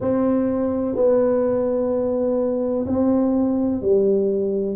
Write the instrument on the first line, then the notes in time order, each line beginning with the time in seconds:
tuba
0.00 C4
0.95 B3
2.86 C4
3.81 G3